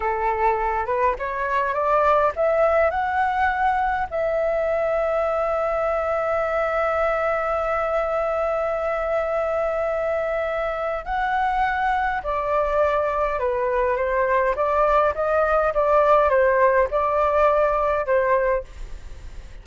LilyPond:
\new Staff \with { instrumentName = "flute" } { \time 4/4 \tempo 4 = 103 a'4. b'8 cis''4 d''4 | e''4 fis''2 e''4~ | e''1~ | e''1~ |
e''2. fis''4~ | fis''4 d''2 b'4 | c''4 d''4 dis''4 d''4 | c''4 d''2 c''4 | }